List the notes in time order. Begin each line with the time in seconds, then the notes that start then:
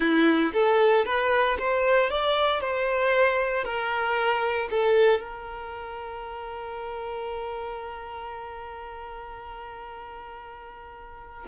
0.00 E4
0.53 A4
1.05 B4
1.58 C5
2.10 D5
2.60 C5
3.64 A#4
4.70 A4
5.20 A#4